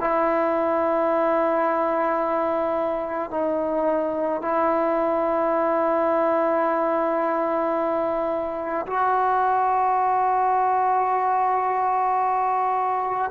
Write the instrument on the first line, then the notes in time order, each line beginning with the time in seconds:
trombone
0.00 E4
3.31 D#4
4.41 E4
8.86 F#4